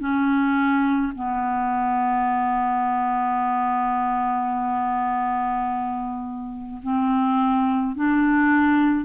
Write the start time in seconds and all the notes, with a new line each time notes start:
0.00 C#4
1.16 B3
6.83 C4
7.96 D4